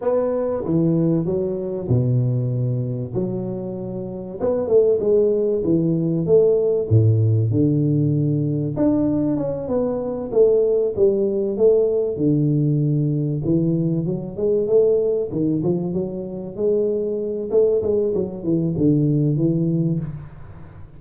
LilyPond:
\new Staff \with { instrumentName = "tuba" } { \time 4/4 \tempo 4 = 96 b4 e4 fis4 b,4~ | b,4 fis2 b8 a8 | gis4 e4 a4 a,4 | d2 d'4 cis'8 b8~ |
b8 a4 g4 a4 d8~ | d4. e4 fis8 gis8 a8~ | a8 dis8 f8 fis4 gis4. | a8 gis8 fis8 e8 d4 e4 | }